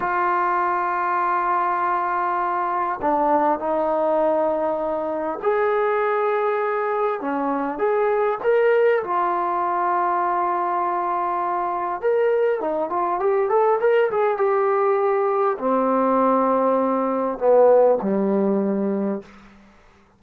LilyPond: \new Staff \with { instrumentName = "trombone" } { \time 4/4 \tempo 4 = 100 f'1~ | f'4 d'4 dis'2~ | dis'4 gis'2. | cis'4 gis'4 ais'4 f'4~ |
f'1 | ais'4 dis'8 f'8 g'8 a'8 ais'8 gis'8 | g'2 c'2~ | c'4 b4 g2 | }